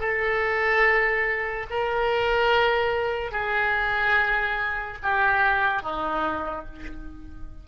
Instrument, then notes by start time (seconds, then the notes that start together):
oboe
0.00 A4
1.70 A#4
3.32 G#4
5.03 G4
5.83 D#4